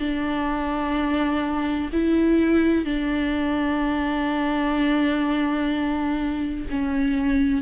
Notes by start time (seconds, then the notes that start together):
0.00 D4
1.93 E4
2.85 D4
6.70 C#4